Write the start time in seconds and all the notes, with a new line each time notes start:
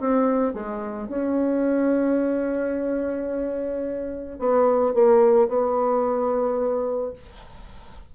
0.00 C4
0.53 G#3
1.09 C#4
4.39 B3
4.94 A#3
5.48 B3